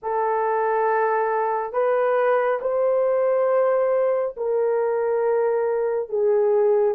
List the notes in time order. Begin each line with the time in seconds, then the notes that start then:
0.02 A4
1.72 B4
2.61 C5
4.36 A#4
6.09 G#4